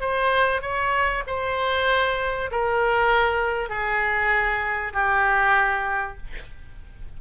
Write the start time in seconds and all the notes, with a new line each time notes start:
0.00 C5
0.61 C#5
1.26 C5
2.51 A#4
3.69 G#4
4.93 G4